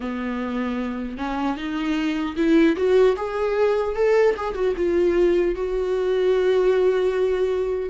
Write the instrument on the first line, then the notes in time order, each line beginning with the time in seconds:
viola
0.00 B3
1.17 C#4
1.56 D#4
2.36 E4
2.76 F#4
3.16 G#4
3.95 A4
4.36 G#4
4.54 F#4
4.76 F4
5.55 F#4